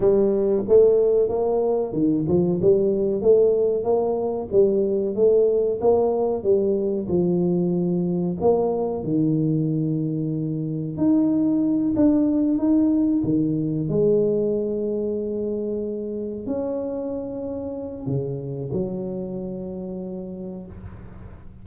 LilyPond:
\new Staff \with { instrumentName = "tuba" } { \time 4/4 \tempo 4 = 93 g4 a4 ais4 dis8 f8 | g4 a4 ais4 g4 | a4 ais4 g4 f4~ | f4 ais4 dis2~ |
dis4 dis'4. d'4 dis'8~ | dis'8 dis4 gis2~ gis8~ | gis4. cis'2~ cis'8 | cis4 fis2. | }